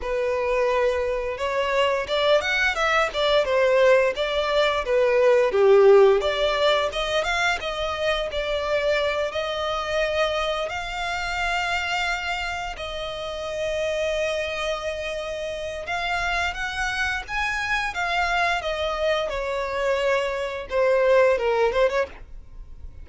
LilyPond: \new Staff \with { instrumentName = "violin" } { \time 4/4 \tempo 4 = 87 b'2 cis''4 d''8 fis''8 | e''8 d''8 c''4 d''4 b'4 | g'4 d''4 dis''8 f''8 dis''4 | d''4. dis''2 f''8~ |
f''2~ f''8 dis''4.~ | dis''2. f''4 | fis''4 gis''4 f''4 dis''4 | cis''2 c''4 ais'8 c''16 cis''16 | }